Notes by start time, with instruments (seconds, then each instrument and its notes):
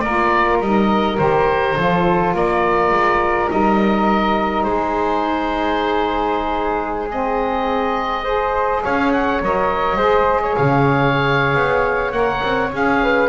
0.00 double bass A#3, flute A#4, oboe D5
0.06 saxophone F4
0.60 double bass G3, saxophone D#4, oboe D#5
1.18 double bass D#3, saxophone G4, oboe C5
1.77 double bass F3, saxophone F4, flute A4
2.34 double bass A#3, flute A#4, oboe D5
2.91 double bass G#3
3.48 double bass G3, saxophone D#4, oboe D#5
4.64 double bass G#3, flute G#4, oboe C5
7.10 saxophone C4, oboe D#5
8.24 saxophone G#4, flute C5
8.83 double bass C#4, flute C#5, oboe F5
9.13 oboe F#5
9.41 double bass F#3, saxophone A#4, oboe D#5
9.96 double bass G#3, saxophone G#4, flute C5
10.42 flute C#5
10.56 double bass C#3, oboe F5
11.55 double bass B3
12.12 double bass A#3, saxophone A#4, oboe F#5
12.43 double bass C4
12.72 double bass C#4, saxophone G#4, oboe F5
13.03 flute B4